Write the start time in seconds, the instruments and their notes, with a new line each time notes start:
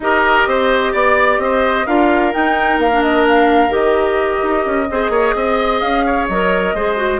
0.00 bassoon D#4, clarinet G4, oboe A#4, flute D#5
0.46 bassoon C4, oboe C5
0.92 bassoon B3, oboe D5, flute D5
1.38 bassoon C4, oboe C5, flute D#5
1.86 bassoon D4, clarinet F4, oboe A#4, flute F5
2.32 clarinet D#4, bassoon D#4, flute G5
2.78 bassoon A#3, flute F5
2.91 clarinet D4
3.02 flute D#5
3.28 flute F5
3.69 bassoon D#3, clarinet G4, flute D#5
4.42 bassoon D#4
4.65 bassoon C#4
4.90 bassoon C4, clarinet G#4, oboe C5
5.09 bassoon A#3, oboe C#5
5.35 bassoon C4, oboe D#5
5.80 bassoon C#4, flute F5
6.05 oboe C#5
6.27 bassoon F#3, clarinet A#4, flute D#5
6.73 bassoon G#3, clarinet G#4, oboe C5
6.96 clarinet F#4